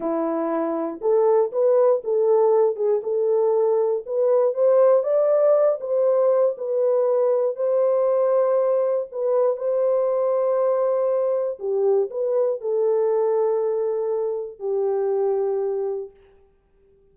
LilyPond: \new Staff \with { instrumentName = "horn" } { \time 4/4 \tempo 4 = 119 e'2 a'4 b'4 | a'4. gis'8 a'2 | b'4 c''4 d''4. c''8~ | c''4 b'2 c''4~ |
c''2 b'4 c''4~ | c''2. g'4 | b'4 a'2.~ | a'4 g'2. | }